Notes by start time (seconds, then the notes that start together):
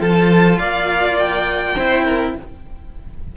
0.00 F3 F4 A4 A5
0.58 A#3 D5 F5
1.19 G5
1.75 C4 E4 C5
2.05 A#4